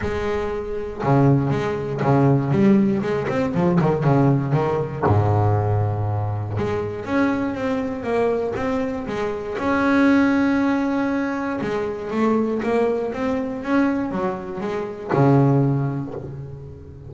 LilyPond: \new Staff \with { instrumentName = "double bass" } { \time 4/4 \tempo 4 = 119 gis2 cis4 gis4 | cis4 g4 gis8 c'8 f8 dis8 | cis4 dis4 gis,2~ | gis,4 gis4 cis'4 c'4 |
ais4 c'4 gis4 cis'4~ | cis'2. gis4 | a4 ais4 c'4 cis'4 | fis4 gis4 cis2 | }